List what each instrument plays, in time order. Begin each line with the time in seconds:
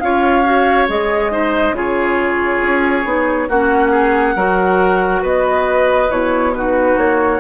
0.00 bassoon C#4, clarinet F4, oboe C#5, flute F5
0.44 clarinet F#4
0.88 bassoon G#3, clarinet G#4, flute D#5
1.31 clarinet D#4, oboe C5
1.72 bassoon C#3, clarinet F4, oboe G#4, flute C#5
2.62 bassoon C#4
3.04 bassoon B3, clarinet D#4
3.49 bassoon A#3, clarinet C#4, oboe F#4, flute F#5
3.91 oboe G#4
4.36 bassoon F#3, clarinet F#4, oboe A#4
5.22 bassoon B3, oboe B4, flute D#5
6.09 bassoon B2, clarinet E4, flute C#5
6.55 clarinet D#4, oboe F#4, flute B4
6.97 bassoon A#3, flute C#5